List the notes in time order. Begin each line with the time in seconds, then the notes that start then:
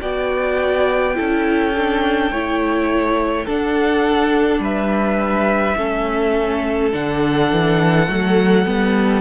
0.00 B3 F#4 D5 G5
1.14 C#4 E4 A4
1.77 D4
2.30 A3 E4 C#5
3.45 D4 A4 F#5
4.59 G3 B4 E5
5.77 A3 C#4 A4
6.92 D3 D4 F#5
7.51 E3
8.06 F#3 A3
8.66 G3 B3